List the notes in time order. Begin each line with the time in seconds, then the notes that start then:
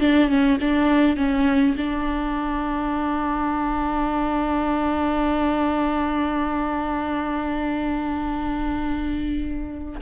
0.00 D4
0.28 C#4
0.60 D4
1.16 C#4
1.77 D4